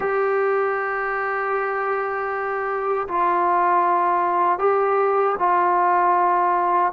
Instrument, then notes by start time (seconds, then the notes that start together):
trombone
0.00 G4
3.08 F4
4.58 G4
5.38 F4